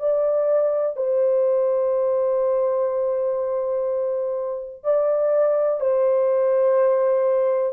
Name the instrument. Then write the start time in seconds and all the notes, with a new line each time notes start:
horn
0.00 D5
0.97 C5
4.84 D5
5.81 C5